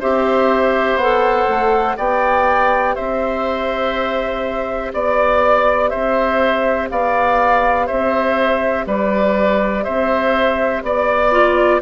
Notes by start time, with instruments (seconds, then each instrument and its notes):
0.00 bassoon C4, clarinet G4, oboe C5, flute E5
0.96 bassoon B3, clarinet A4, flute F#5
1.48 bassoon A3
1.95 bassoon B3, clarinet G4, oboe D5, flute G5
2.95 bassoon C4, oboe C5, flute E5
4.93 bassoon B3, oboe D5, flute D5
5.89 bassoon C4, oboe C5, flute E5
6.90 bassoon B3, oboe D5, flute F5
7.86 bassoon C4, oboe C5, flute E5
8.86 bassoon G3, oboe B4, flute D5
9.84 bassoon C4, oboe C5, flute E5
10.83 bassoon B3, flute D5, oboe D5
11.31 clarinet F4